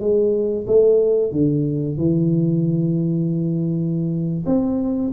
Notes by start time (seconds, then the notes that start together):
0.00 G#3
0.67 A3
1.32 D3
1.97 E3
4.46 C4